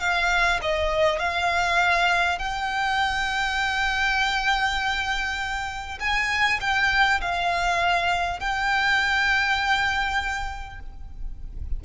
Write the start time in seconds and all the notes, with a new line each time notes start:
0.00 F5
0.62 D#5
1.19 F5
2.39 G5
6.00 G#5
6.61 G5
7.21 F5
8.40 G5